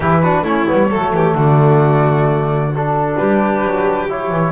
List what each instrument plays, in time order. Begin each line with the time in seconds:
0.00 double bass E3, trombone E4, violin G4, flute B4
0.22 trombone D4, violin F#4
0.42 double bass A3, trombone C#4, violin E4, flute C#5
0.66 double bass G3, trombone B3
0.90 double bass F#3, trombone A3, violin A4
1.12 double bass E3, violin G4
1.34 double bass D3, violin F#4, flute D5
2.74 trombone D4, flute A4
3.17 double bass G3, violin G4, flute B4
3.64 double bass F#3
4.08 trombone E4, flute C#5
4.30 double bass E3